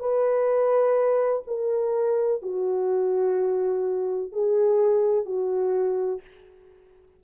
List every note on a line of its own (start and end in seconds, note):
0.00 1.43 B4
1.47 2.42 A#4
2.42 4.32 F#4
4.32 5.26 G#4
5.26 6.21 F#4